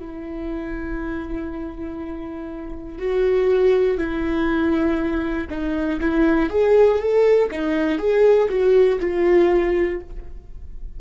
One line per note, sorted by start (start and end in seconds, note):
0.00 2.98 E4
2.98 3.98 F#4
3.98 5.48 E4
5.50 6.00 D#4
6.00 6.50 E4
6.50 6.99 G#4
6.99 7.49 A4
7.51 7.99 D#4
7.99 8.49 G#4
8.49 8.99 F#4
9.00 10.00 F4